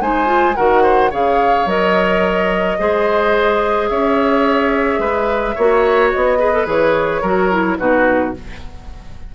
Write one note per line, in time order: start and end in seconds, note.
0.00 0.56 G#3
0.00 0.26 D#4
0.00 0.56 C5
0.00 0.55 G#5
0.26 0.53 F4
0.55 1.12 D#3
0.55 1.11 F#4
0.55 0.82 A#4
0.55 1.11 F#5
0.82 1.10 C5
1.10 1.66 C#3
1.10 1.66 G#4
1.10 2.77 C#5
1.10 1.68 F5
1.66 2.77 F#3
1.66 2.78 A#4
1.66 3.88 D#5
2.78 3.90 G#3
2.78 5.56 G#4
2.78 3.90 C5
3.88 4.98 C#4
3.88 5.00 C#5
3.88 6.10 E5
4.98 5.54 G#3
4.98 5.55 B4
5.55 6.13 A#3
5.55 6.38 F#4
5.55 6.38 C#5
6.11 6.66 B3
6.11 6.66 D#5
6.38 6.52 G#4
6.38 7.21 B4
6.52 6.66 A4
6.66 7.22 E3
6.66 7.21 G#4
6.66 7.78 C#5
7.21 7.78 F#3
7.21 7.51 F#4
7.21 7.77 A#4
7.51 7.78 E4
7.78 8.34 B2
7.78 8.34 D#4
7.78 8.34 F#4
7.78 8.33 B4